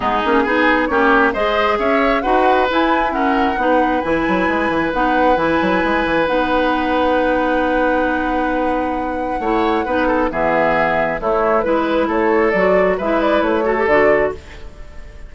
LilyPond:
<<
  \new Staff \with { instrumentName = "flute" } { \time 4/4 \tempo 4 = 134 gis'2 cis''4 dis''4 | e''4 fis''4 gis''4 fis''4~ | fis''4 gis''2 fis''4 | gis''2 fis''2~ |
fis''1~ | fis''2. e''4~ | e''4 cis''4 b'4 cis''4 | d''4 e''8 d''8 cis''4 d''4 | }
  \new Staff \with { instrumentName = "oboe" } { \time 4/4 dis'4 gis'4 g'4 c''4 | cis''4 b'2 ais'4 | b'1~ | b'1~ |
b'1~ | b'4 cis''4 b'8 a'8 gis'4~ | gis'4 e'4 b'4 a'4~ | a'4 b'4. a'4. | }
  \new Staff \with { instrumentName = "clarinet" } { \time 4/4 b8 cis'8 dis'4 cis'4 gis'4~ | gis'4 fis'4 e'4 cis'4 | dis'4 e'2 dis'4 | e'2 dis'2~ |
dis'1~ | dis'4 e'4 dis'4 b4~ | b4 a4 e'2 | fis'4 e'4. fis'16 g'16 fis'4 | }
  \new Staff \with { instrumentName = "bassoon" } { \time 4/4 gis8 ais8 b4 ais4 gis4 | cis'4 dis'4 e'2 | b4 e8 fis8 gis8 e8 b4 | e8 fis8 gis8 e8 b2~ |
b1~ | b4 a4 b4 e4~ | e4 a4 gis4 a4 | fis4 gis4 a4 d4 | }
>>